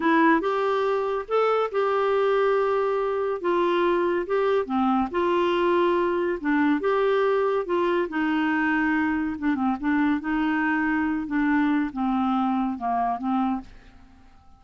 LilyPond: \new Staff \with { instrumentName = "clarinet" } { \time 4/4 \tempo 4 = 141 e'4 g'2 a'4 | g'1 | f'2 g'4 c'4 | f'2. d'4 |
g'2 f'4 dis'4~ | dis'2 d'8 c'8 d'4 | dis'2~ dis'8 d'4. | c'2 ais4 c'4 | }